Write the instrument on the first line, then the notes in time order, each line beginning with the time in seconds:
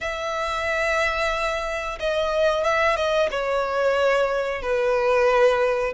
violin
0.00 E5
1.99 D#5
2.64 E5
2.96 D#5
3.31 C#5
4.62 B4